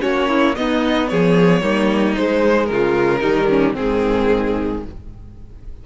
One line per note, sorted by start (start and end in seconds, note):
0.00 0.57 A#3
0.00 0.54 C#4
0.00 0.29 F#4
0.00 0.55 C#5
0.29 0.55 E4
0.55 1.62 B3
0.55 1.11 B3
0.55 1.10 D#4
0.55 1.08 D#5
1.08 1.61 F3
1.08 1.63 G#4
1.08 2.15 C#5
1.61 2.15 G3
1.61 2.16 A#3
1.61 2.70 D#4
2.16 2.70 G#3
2.16 3.22 G#3
2.16 2.66 C5
2.66 3.23 C#3
2.66 3.73 A#4
2.72 3.20 F4
3.20 3.77 D#3
3.20 3.75 G3
3.20 3.47 D#4
3.50 3.74 C#4
3.74 4.85 G#2
3.74 4.86 D#3
3.74 4.81 C4
3.74 4.84 G#4